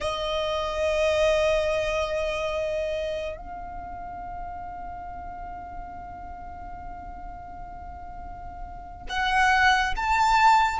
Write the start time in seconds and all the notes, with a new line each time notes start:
0.00 D#5
3.36 F5
9.09 F#5
9.96 A5